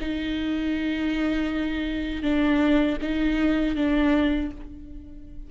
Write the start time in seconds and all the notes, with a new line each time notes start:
0.00 D#4
2.22 D4
3.01 D#4
3.75 D4